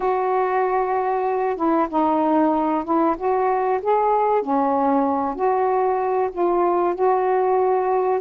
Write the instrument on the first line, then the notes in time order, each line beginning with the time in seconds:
saxophone
0.00 F#4
1.56 E4
1.89 D#4
2.84 E4
3.17 F#4
3.82 G#4
4.42 C#4
5.35 F#4
6.32 F4
6.94 F#4